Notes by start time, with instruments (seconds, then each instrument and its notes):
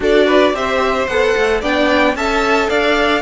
0.00 cello D4, viola F#4, violin A4 D5
0.26 violin B4
0.52 cello C4, viola G4, violin C5 E5
1.07 cello B3, viola A4, violin F#5
1.36 cello A3
1.60 cello B3, viola D4, violin D5 G5
2.14 cello C#4, viola A4, violin E5 A5
2.69 cello D4, violin D5 F5